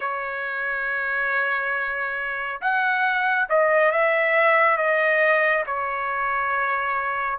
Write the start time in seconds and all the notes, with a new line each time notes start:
0.00 C#5
2.61 F#5
3.49 D#5
3.91 E5
4.77 D#5
5.66 C#5